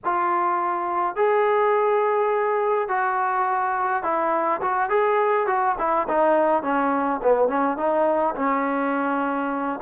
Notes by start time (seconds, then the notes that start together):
0.04 F4
1.15 G#4
2.88 F#4
4.03 E4
4.61 F#4
4.89 G#4
5.47 F#4
5.78 E4
6.08 D#4
6.62 C#4
7.22 B3
7.48 C#4
7.77 D#4
8.35 C#4